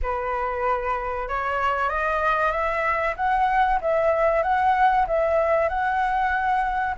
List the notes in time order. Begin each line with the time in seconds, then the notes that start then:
0.02 B4
1.28 C#5
1.89 D#5
2.51 E5
3.16 F#5
3.81 E5
4.42 F#5
5.07 E5
5.68 F#5